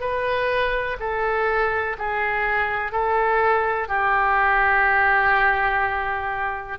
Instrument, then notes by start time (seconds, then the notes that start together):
oboe
0.00 B4
1.00 A4
1.98 G#4
2.92 A4
3.88 G4